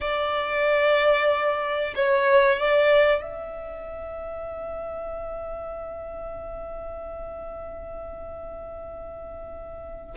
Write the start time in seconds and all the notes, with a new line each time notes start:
0.01 D5
1.95 C#5
2.59 D5
3.21 E5